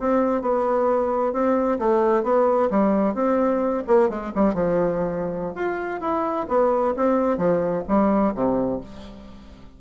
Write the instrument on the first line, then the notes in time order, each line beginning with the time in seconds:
bassoon
0.00 C4
0.42 B3
1.33 C4
1.79 A3
2.24 B3
2.71 G3
3.15 C4
3.87 A#3
4.10 G#3
4.36 G3
4.54 F3
5.55 F4
6.01 E4
6.49 B3
6.97 C4
7.38 F3
7.88 G3
8.35 C3